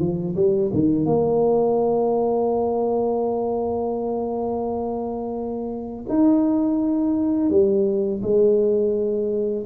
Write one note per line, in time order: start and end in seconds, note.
0.00 0.36 F3
0.36 0.72 G3
0.73 1.06 D#3
1.06 6.06 A#3
6.09 7.50 D#4
7.50 8.21 G3
8.22 9.65 G#3